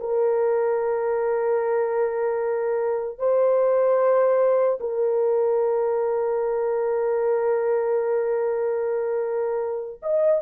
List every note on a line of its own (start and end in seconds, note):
0.00 3.19 A#4
3.19 4.79 C5
4.80 10.00 A#4
10.03 10.42 D#5